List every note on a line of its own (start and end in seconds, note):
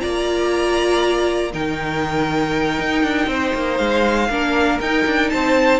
0.00 1.54 A#3
0.00 1.51 F4
0.00 1.52 D5
0.00 1.52 A#5
1.53 2.79 D#3
1.53 4.30 D#4
1.53 3.29 A#4
1.53 3.77 G5
2.79 3.04 D#4
3.04 3.27 D4
3.27 3.52 C4
3.27 4.30 C5
3.55 3.79 A#3
3.77 4.29 G#3
3.77 4.78 F5
4.29 4.79 A#3
4.29 4.81 D4
4.29 5.32 A#4
4.81 5.06 D#4
4.81 5.80 D#4
4.81 5.30 G5
5.06 5.31 D4
5.30 5.80 C4
5.30 5.80 C5
5.30 5.80 A5